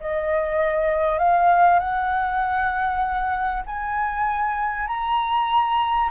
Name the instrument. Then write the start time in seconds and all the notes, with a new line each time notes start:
flute
0.00 D#5
1.19 F5
1.79 F#5
3.66 G#5
4.87 A#5